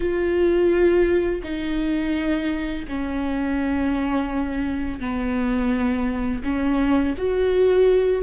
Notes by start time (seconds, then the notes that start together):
0.00 F4
1.43 D#4
2.88 C#4
4.99 B3
6.43 C#4
7.17 F#4